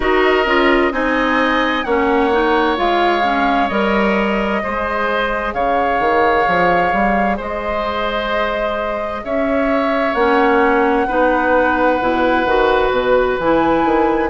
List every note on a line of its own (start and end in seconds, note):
0.00 0.45 D#4
0.00 0.45 F#4
0.00 0.92 A#4
0.00 0.92 D#5
0.45 0.92 C#4
0.45 0.92 F4
0.92 1.84 C4
0.92 1.84 D#4
0.92 1.85 D#5
0.92 1.84 G#5
1.84 2.77 A#3
1.84 2.32 C#4
1.84 4.62 C#5
1.84 2.76 F#5
2.32 2.76 D#4
2.76 3.69 G#3
2.76 3.22 F4
2.76 3.68 F5
3.22 3.68 C#4
3.68 4.62 G3
3.68 4.62 A#4
3.68 5.52 D#5
4.62 5.53 G#3
4.62 10.16 G#4
4.62 5.54 C5
5.53 5.99 C#3
5.53 7.36 C#5
5.53 7.37 F5
5.99 6.45 D#3
6.47 6.92 F3
6.92 7.39 G3
7.36 9.24 G#3
7.36 9.21 C5
7.36 9.24 D#5
9.24 10.14 C#4
9.24 11.07 C#5
9.24 10.13 E5
10.13 11.06 A#3
10.13 11.08 C#4
10.13 12.90 F#5
11.07 12.01 B3
11.07 12.00 D#4
11.07 14.29 B4
12.00 12.44 B2
12.00 12.46 E4
12.44 12.90 D#3
12.44 13.39 F#4
12.90 13.36 B2
12.90 13.38 B4
13.38 13.84 E3
13.38 14.29 E4
13.38 14.29 G#5
13.84 14.29 D#3